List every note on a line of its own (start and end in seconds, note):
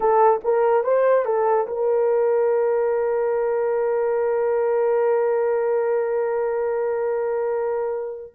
0.00 0.40 A4
0.44 0.83 A#4
0.83 1.25 C5
1.25 1.66 A4
1.67 8.33 A#4